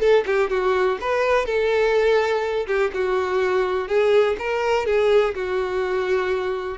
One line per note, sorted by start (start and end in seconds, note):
0.00 0.24 A4
0.26 0.50 G4
0.50 0.98 F#4
1.01 1.45 B4
1.45 2.66 A4
2.67 2.91 G4
2.94 3.88 F#4
3.88 4.36 G#4
4.39 4.86 A#4
4.86 5.34 G#4
5.34 6.78 F#4